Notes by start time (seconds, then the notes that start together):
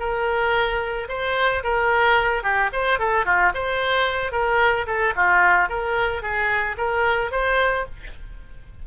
0.00 A#4
1.09 C5
1.64 A#4
2.43 G4
2.73 C5
2.99 A4
3.26 F4
3.55 C5
4.32 A#4
4.87 A4
5.16 F4
5.69 A#4
6.23 G#4
6.78 A#4
7.32 C5